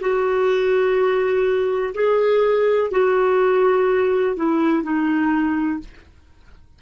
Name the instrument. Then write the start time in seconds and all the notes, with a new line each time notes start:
clarinet
0.00 F#4
1.94 G#4
2.90 F#4
4.35 E4
4.83 D#4